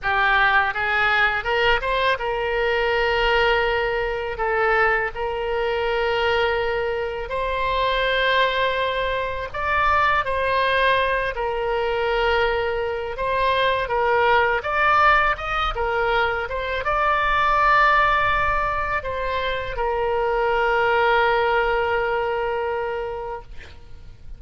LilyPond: \new Staff \with { instrumentName = "oboe" } { \time 4/4 \tempo 4 = 82 g'4 gis'4 ais'8 c''8 ais'4~ | ais'2 a'4 ais'4~ | ais'2 c''2~ | c''4 d''4 c''4. ais'8~ |
ais'2 c''4 ais'4 | d''4 dis''8 ais'4 c''8 d''4~ | d''2 c''4 ais'4~ | ais'1 | }